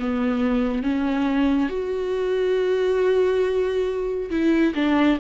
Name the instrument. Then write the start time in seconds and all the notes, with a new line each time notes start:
viola
0.00 B3
0.83 C#4
1.70 F#4
4.31 E4
4.75 D4